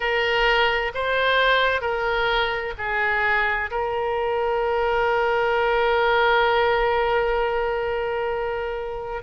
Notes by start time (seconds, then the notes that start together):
0.00 A#4
0.94 C5
1.81 A#4
2.78 G#4
3.70 A#4